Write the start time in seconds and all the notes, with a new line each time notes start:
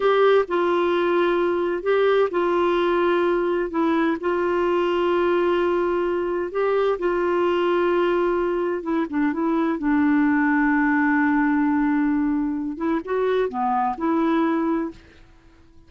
0.00 G4
0.48 F4
1.82 G4
2.30 F4
3.70 E4
4.20 F4
6.51 G4
6.98 F4
8.82 E4
9.09 D4
9.33 E4
9.78 D4
12.77 E4
13.05 F#4
13.49 B3
13.97 E4